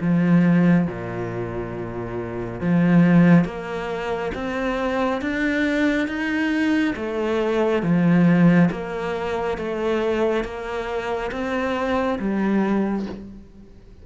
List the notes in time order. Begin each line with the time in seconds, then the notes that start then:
0.00 F3
0.87 A#2
2.60 F3
3.44 A#3
4.34 C4
5.21 D4
6.08 D#4
6.96 A3
7.83 F3
8.71 A#3
9.58 A3
10.44 A#3
11.32 C4
12.19 G3